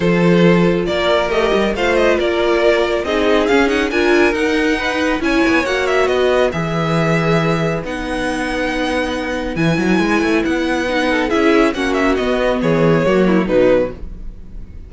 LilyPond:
<<
  \new Staff \with { instrumentName = "violin" } { \time 4/4 \tempo 4 = 138 c''2 d''4 dis''4 | f''8 dis''8 d''2 dis''4 | f''8 fis''8 gis''4 fis''2 | gis''4 fis''8 e''8 dis''4 e''4~ |
e''2 fis''2~ | fis''2 gis''2 | fis''2 e''4 fis''8 e''8 | dis''4 cis''2 b'4 | }
  \new Staff \with { instrumentName = "violin" } { \time 4/4 a'2 ais'2 | c''4 ais'2 gis'4~ | gis'4 ais'2 b'4 | cis''2 b'2~ |
b'1~ | b'1~ | b'4. a'8 gis'4 fis'4~ | fis'4 gis'4 fis'8 e'8 dis'4 | }
  \new Staff \with { instrumentName = "viola" } { \time 4/4 f'2. g'4 | f'2. dis'4 | cis'8 dis'8 f'4 dis'2 | e'4 fis'2 gis'4~ |
gis'2 dis'2~ | dis'2 e'2~ | e'4 dis'4 e'4 cis'4 | b2 ais4 fis4 | }
  \new Staff \with { instrumentName = "cello" } { \time 4/4 f2 ais4 a8 g8 | a4 ais2 c'4 | cis'4 d'4 dis'2 | cis'8 b8 ais4 b4 e4~ |
e2 b2~ | b2 e8 fis8 gis8 a8 | b2 cis'4 ais4 | b4 e4 fis4 b,4 | }
>>